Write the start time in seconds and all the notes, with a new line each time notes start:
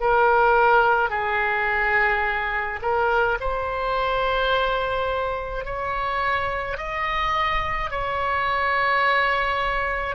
0.00 A#4
1.10 G#4
2.82 A#4
3.40 C5
5.65 C#5
6.78 D#5
7.91 C#5